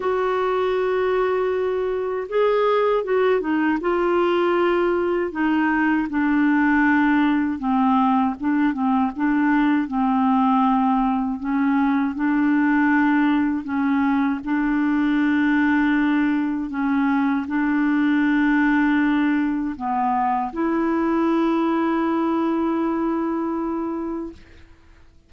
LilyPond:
\new Staff \with { instrumentName = "clarinet" } { \time 4/4 \tempo 4 = 79 fis'2. gis'4 | fis'8 dis'8 f'2 dis'4 | d'2 c'4 d'8 c'8 | d'4 c'2 cis'4 |
d'2 cis'4 d'4~ | d'2 cis'4 d'4~ | d'2 b4 e'4~ | e'1 | }